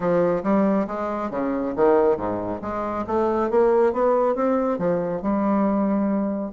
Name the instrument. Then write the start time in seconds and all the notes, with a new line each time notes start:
bassoon
0.00 F3
0.43 G3
0.87 G#3
1.30 C#3
1.75 D#3
2.16 G#2
2.61 G#3
3.07 A3
3.50 A#3
3.92 B3
4.35 C4
4.78 F3
5.22 G3